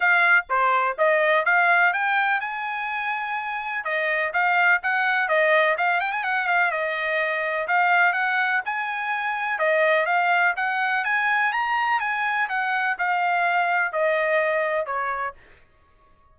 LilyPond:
\new Staff \with { instrumentName = "trumpet" } { \time 4/4 \tempo 4 = 125 f''4 c''4 dis''4 f''4 | g''4 gis''2. | dis''4 f''4 fis''4 dis''4 | f''8 g''16 gis''16 fis''8 f''8 dis''2 |
f''4 fis''4 gis''2 | dis''4 f''4 fis''4 gis''4 | ais''4 gis''4 fis''4 f''4~ | f''4 dis''2 cis''4 | }